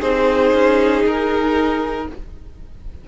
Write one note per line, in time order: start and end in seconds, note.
0.00 0.53 C4
0.00 2.04 D#4
0.00 2.03 G#4
0.00 1.03 C5
0.53 1.04 C#4
1.05 2.07 D#4
1.05 2.08 A#4